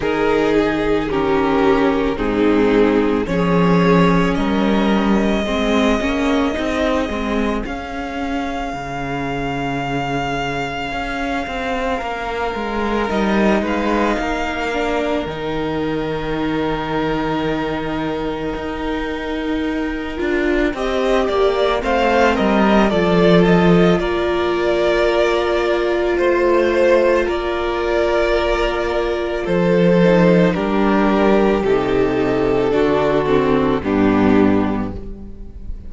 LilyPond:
<<
  \new Staff \with { instrumentName = "violin" } { \time 4/4 \tempo 4 = 55 ais'8 gis'8 ais'4 gis'4 cis''4 | dis''2. f''4~ | f''1 | dis''8 f''4. g''2~ |
g''1 | f''8 dis''8 d''8 dis''8 d''2 | c''4 d''2 c''4 | ais'4 a'2 g'4 | }
  \new Staff \with { instrumentName = "violin" } { \time 4/4 gis'4 g'4 dis'4 gis'4 | ais'4 gis'2.~ | gis'2. ais'4~ | ais'8 b'8 ais'2.~ |
ais'2. dis''8 d''8 | c''8 ais'8 a'4 ais'2 | c''4 ais'2 a'4 | g'2 fis'4 d'4 | }
  \new Staff \with { instrumentName = "viola" } { \time 4/4 dis'4 cis'4 c'4 cis'4~ | cis'4 c'8 cis'8 dis'8 c'8 cis'4~ | cis'1 | dis'4. d'8 dis'2~ |
dis'2~ dis'8 f'8 g'4 | c'4 f'2.~ | f'2.~ f'8 dis'8 | d'4 dis'4 d'8 c'8 b4 | }
  \new Staff \with { instrumentName = "cello" } { \time 4/4 dis2 gis,4 f4 | g4 gis8 ais8 c'8 gis8 cis'4 | cis2 cis'8 c'8 ais8 gis8 | g8 gis8 ais4 dis2~ |
dis4 dis'4. d'8 c'8 ais8 | a8 g8 f4 ais2 | a4 ais2 f4 | g4 c4 d4 g,4 | }
>>